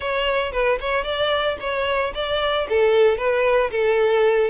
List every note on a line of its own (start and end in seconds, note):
0.00 0.52 C#5
0.52 0.78 B4
0.80 1.04 C#5
1.04 1.57 D5
1.60 2.13 C#5
2.14 2.67 D5
2.69 3.17 A4
3.17 3.70 B4
3.70 4.50 A4